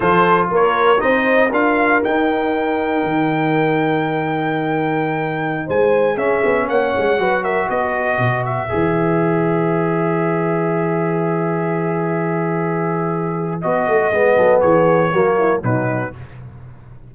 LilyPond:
<<
  \new Staff \with { instrumentName = "trumpet" } { \time 4/4 \tempo 4 = 119 c''4 cis''4 dis''4 f''4 | g''1~ | g''2.~ g''16 gis''8.~ | gis''16 e''4 fis''4. e''8 dis''8.~ |
dis''8. e''2.~ e''16~ | e''1~ | e''2. dis''4~ | dis''4 cis''2 b'4 | }
  \new Staff \with { instrumentName = "horn" } { \time 4/4 a'4 ais'4 c''4 ais'4~ | ais'1~ | ais'2.~ ais'16 c''8.~ | c''16 gis'4 cis''4 b'8 ais'8 b'8.~ |
b'1~ | b'1~ | b'1~ | b'8 a'8 gis'4 fis'8 e'8 dis'4 | }
  \new Staff \with { instrumentName = "trombone" } { \time 4/4 f'2 dis'4 f'4 | dis'1~ | dis'1~ | dis'16 cis'2 fis'4.~ fis'16~ |
fis'4~ fis'16 gis'2~ gis'8.~ | gis'1~ | gis'2. fis'4 | b2 ais4 fis4 | }
  \new Staff \with { instrumentName = "tuba" } { \time 4/4 f4 ais4 c'4 d'4 | dis'2 dis2~ | dis2.~ dis16 gis8.~ | gis16 cis'8 b8 ais8 gis8 fis4 b8.~ |
b16 b,4 e2~ e8.~ | e1~ | e2. b8 a8 | gis8 fis8 e4 fis4 b,4 | }
>>